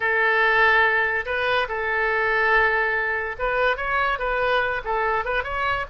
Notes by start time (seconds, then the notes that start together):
0.00 A4
1.25 B4
1.68 A4
3.38 B4
3.76 C#5
4.18 B4
4.84 A4
5.24 B4
5.43 C#5